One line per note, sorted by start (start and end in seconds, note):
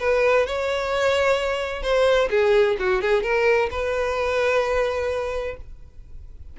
0.00 0.47 B4
0.47 1.83 C#5
1.83 2.29 C5
2.30 2.77 G#4
2.79 3.02 F#4
3.02 3.23 G#4
3.23 3.70 A#4
3.71 5.57 B4